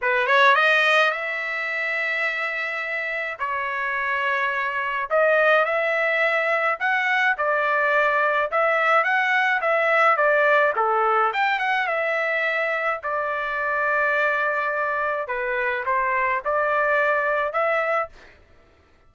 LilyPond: \new Staff \with { instrumentName = "trumpet" } { \time 4/4 \tempo 4 = 106 b'8 cis''8 dis''4 e''2~ | e''2 cis''2~ | cis''4 dis''4 e''2 | fis''4 d''2 e''4 |
fis''4 e''4 d''4 a'4 | g''8 fis''8 e''2 d''4~ | d''2. b'4 | c''4 d''2 e''4 | }